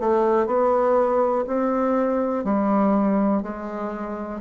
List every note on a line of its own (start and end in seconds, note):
0.00 0.47 A3
0.47 1.45 B3
1.47 2.44 C4
2.44 3.42 G3
3.42 4.41 G#3